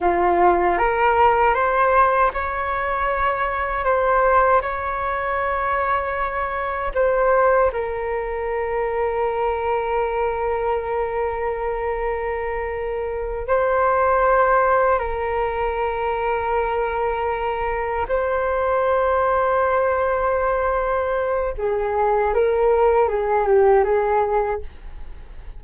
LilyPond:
\new Staff \with { instrumentName = "flute" } { \time 4/4 \tempo 4 = 78 f'4 ais'4 c''4 cis''4~ | cis''4 c''4 cis''2~ | cis''4 c''4 ais'2~ | ais'1~ |
ais'4. c''2 ais'8~ | ais'2.~ ais'8 c''8~ | c''1 | gis'4 ais'4 gis'8 g'8 gis'4 | }